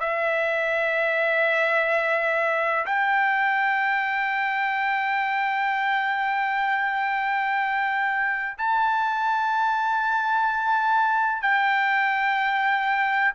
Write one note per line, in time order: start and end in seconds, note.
0.00 2.86 E5
2.86 8.57 G5
8.58 11.42 A5
11.42 13.32 G5